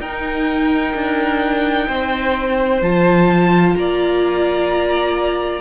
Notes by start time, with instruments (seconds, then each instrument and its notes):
0.00 cello D#4, viola D#4, violin A#4 G5
0.95 cello D4
1.88 cello C4, violin C5
2.82 cello F3, viola F4, violin A5
3.76 cello A#3, violin D5 A#5